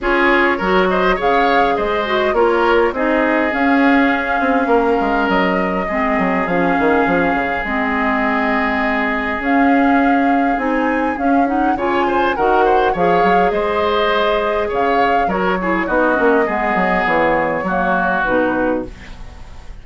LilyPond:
<<
  \new Staff \with { instrumentName = "flute" } { \time 4/4 \tempo 4 = 102 cis''4. dis''8 f''4 dis''4 | cis''4 dis''4 f''2~ | f''4 dis''2 f''4~ | f''4 dis''2. |
f''2 gis''4 f''8 fis''8 | gis''4 fis''4 f''4 dis''4~ | dis''4 f''4 cis''4 dis''4~ | dis''4 cis''2 b'4 | }
  \new Staff \with { instrumentName = "oboe" } { \time 4/4 gis'4 ais'8 c''8 cis''4 c''4 | ais'4 gis'2. | ais'2 gis'2~ | gis'1~ |
gis'1 | cis''8 c''8 ais'8 c''8 cis''4 c''4~ | c''4 cis''4 ais'8 gis'8 fis'4 | gis'2 fis'2 | }
  \new Staff \with { instrumentName = "clarinet" } { \time 4/4 f'4 fis'4 gis'4. fis'8 | f'4 dis'4 cis'2~ | cis'2 c'4 cis'4~ | cis'4 c'2. |
cis'2 dis'4 cis'8 dis'8 | f'4 fis'4 gis'2~ | gis'2 fis'8 e'8 dis'8 cis'8 | b2 ais4 dis'4 | }
  \new Staff \with { instrumentName = "bassoon" } { \time 4/4 cis'4 fis4 cis4 gis4 | ais4 c'4 cis'4. c'8 | ais8 gis8 fis4 gis8 fis8 f8 dis8 | f8 cis8 gis2. |
cis'2 c'4 cis'4 | cis4 dis4 f8 fis8 gis4~ | gis4 cis4 fis4 b8 ais8 | gis8 fis8 e4 fis4 b,4 | }
>>